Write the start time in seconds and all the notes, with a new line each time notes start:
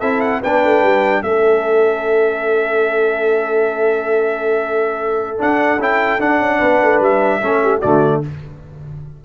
0.00 C4 E4 A4 E5
0.21 F#5
0.42 B3 D4 B4 G5
0.65 A3
0.83 G3
1.23 A3 C#4 A4 E5
5.39 D4 F#5
5.79 C#4 E4 G5
6.20 D4 F#5
6.39 C#4
6.59 B3 B4
6.83 A3
7.00 G3 E5
7.42 A3 C#4 A4
7.63 G4
7.80 D3 A3 F#4 D5